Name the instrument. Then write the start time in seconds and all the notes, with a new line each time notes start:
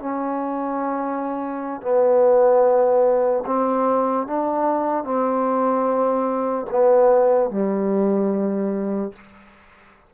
trombone
0.00 C#4
1.82 B3
3.46 C4
4.27 D4
5.04 C4
6.71 B3
7.50 G3